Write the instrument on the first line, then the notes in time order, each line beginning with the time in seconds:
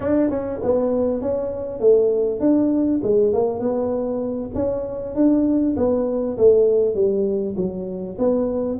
tuba
0.00 D4
0.29 C#4
0.62 B3
1.21 C#4
1.80 A3
2.40 D4
3.03 G#3
3.33 A#3
3.59 B3
4.55 C#4
5.15 D4
5.76 B3
6.37 A3
6.94 G3
7.56 F#3
8.18 B3